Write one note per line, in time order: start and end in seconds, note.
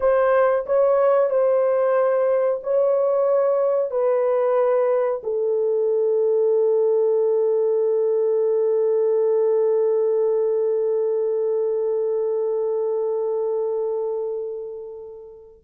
0.00 0.65 C5
0.66 1.30 C#5
1.30 2.60 C5
2.63 3.90 C#5
3.90 5.21 B4
5.23 15.64 A4